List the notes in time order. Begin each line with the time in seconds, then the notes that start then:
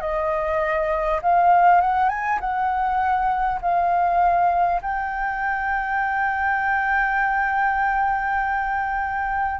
0.00 D#5
1.22 F5
1.81 F#5
2.09 G#5
2.40 F#5
3.61 F5
4.82 G5